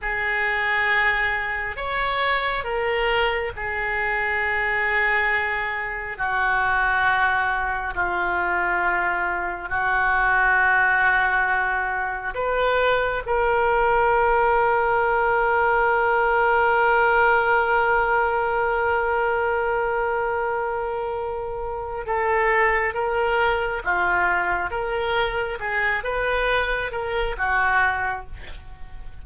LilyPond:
\new Staff \with { instrumentName = "oboe" } { \time 4/4 \tempo 4 = 68 gis'2 cis''4 ais'4 | gis'2. fis'4~ | fis'4 f'2 fis'4~ | fis'2 b'4 ais'4~ |
ais'1~ | ais'1~ | ais'4 a'4 ais'4 f'4 | ais'4 gis'8 b'4 ais'8 fis'4 | }